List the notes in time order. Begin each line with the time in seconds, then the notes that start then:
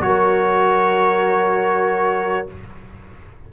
0.00 F#3 F#4 A#4 C#5